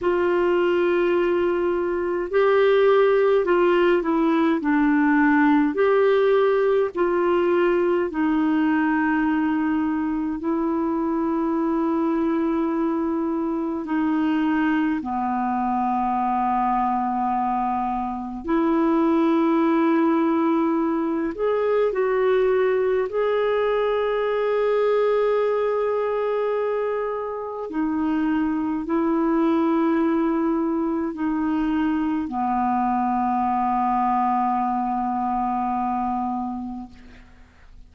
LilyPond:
\new Staff \with { instrumentName = "clarinet" } { \time 4/4 \tempo 4 = 52 f'2 g'4 f'8 e'8 | d'4 g'4 f'4 dis'4~ | dis'4 e'2. | dis'4 b2. |
e'2~ e'8 gis'8 fis'4 | gis'1 | dis'4 e'2 dis'4 | b1 | }